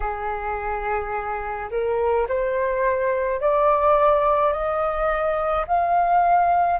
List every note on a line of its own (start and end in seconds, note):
0.00 1.69 G#4
1.70 2.27 A#4
2.28 3.40 C5
3.40 4.52 D5
4.52 5.65 D#5
5.67 6.79 F5